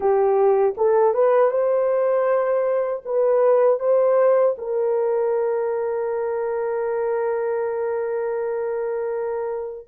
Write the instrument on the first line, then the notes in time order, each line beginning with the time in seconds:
horn
0.00 G4
0.77 A4
1.14 B4
1.51 C5
3.05 B4
3.79 C5
4.58 A#4